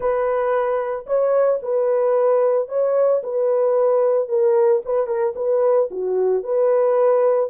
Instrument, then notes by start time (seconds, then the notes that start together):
horn
0.00 B4
1.06 C#5
1.62 B4
2.68 C#5
3.23 B4
4.28 A#4
4.85 B4
5.06 A#4
5.35 B4
5.90 F#4
6.43 B4